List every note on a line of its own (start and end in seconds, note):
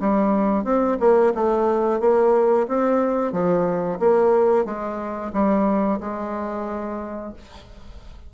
0.00 0.64 G3
0.64 0.98 C4
1.00 1.33 A#3
1.35 2.00 A3
2.00 2.67 A#3
2.68 3.32 C4
3.32 3.99 F3
3.99 4.65 A#3
4.65 5.32 G#3
5.33 6.00 G3
6.00 7.33 G#3